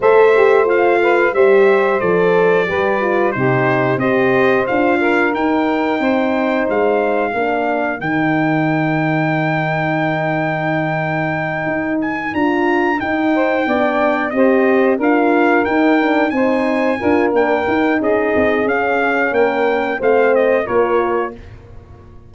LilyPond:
<<
  \new Staff \with { instrumentName = "trumpet" } { \time 4/4 \tempo 4 = 90 e''4 f''4 e''4 d''4~ | d''4 c''4 dis''4 f''4 | g''2 f''2 | g''1~ |
g''2 gis''8 ais''4 g''8~ | g''4. dis''4 f''4 g''8~ | g''8 gis''4. g''4 dis''4 | f''4 g''4 f''8 dis''8 cis''4 | }
  \new Staff \with { instrumentName = "saxophone" } { \time 4/4 c''4. b'8 c''2 | b'4 g'4 c''4. ais'8~ | ais'4 c''2 ais'4~ | ais'1~ |
ais'1 | c''8 d''4 c''4 ais'4.~ | ais'8 c''4 ais'4. gis'4~ | gis'4 ais'4 c''4 ais'4 | }
  \new Staff \with { instrumentName = "horn" } { \time 4/4 a'8 g'8 f'4 g'4 a'4 | g'8 f'8 dis'4 g'4 f'4 | dis'2. d'4 | dis'1~ |
dis'2~ dis'8 f'4 dis'8~ | dis'8 d'4 g'4 f'4 dis'8 | d'8 dis'4 f'8 d'8 dis'4. | cis'2 c'4 f'4 | }
  \new Staff \with { instrumentName = "tuba" } { \time 4/4 a2 g4 f4 | g4 c4 c'4 d'4 | dis'4 c'4 gis4 ais4 | dis1~ |
dis4. dis'4 d'4 dis'8~ | dis'8 b4 c'4 d'4 dis'8~ | dis'8 c'4 d'8 ais8 dis'8 cis'8 c'8 | cis'4 ais4 a4 ais4 | }
>>